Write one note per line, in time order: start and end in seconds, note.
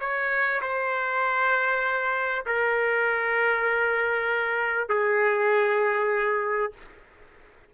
0.00 0.61 C#5
0.62 2.45 C5
2.46 4.89 A#4
4.89 6.73 G#4